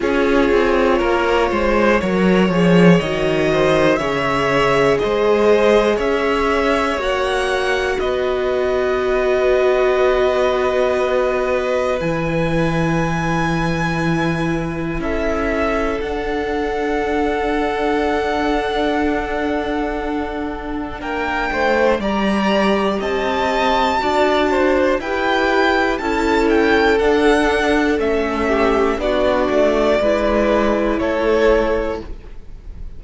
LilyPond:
<<
  \new Staff \with { instrumentName = "violin" } { \time 4/4 \tempo 4 = 60 cis''2. dis''4 | e''4 dis''4 e''4 fis''4 | dis''1 | gis''2. e''4 |
fis''1~ | fis''4 g''4 ais''4 a''4~ | a''4 g''4 a''8 g''8 fis''4 | e''4 d''2 cis''4 | }
  \new Staff \with { instrumentName = "violin" } { \time 4/4 gis'4 ais'8 c''8 cis''4. c''8 | cis''4 c''4 cis''2 | b'1~ | b'2. a'4~ |
a'1~ | a'4 ais'8 c''8 d''4 dis''4 | d''8 c''8 b'4 a'2~ | a'8 g'8 fis'4 b'4 a'4 | }
  \new Staff \with { instrumentName = "viola" } { \time 4/4 f'2 ais'8 gis'8 fis'4 | gis'2. fis'4~ | fis'1 | e'1 |
d'1~ | d'2 g'2 | fis'4 g'4 e'4 d'4 | cis'4 d'4 e'2 | }
  \new Staff \with { instrumentName = "cello" } { \time 4/4 cis'8 c'8 ais8 gis8 fis8 f8 dis4 | cis4 gis4 cis'4 ais4 | b1 | e2. cis'4 |
d'1~ | d'4 ais8 a8 g4 c'4 | d'4 e'4 cis'4 d'4 | a4 b8 a8 gis4 a4 | }
>>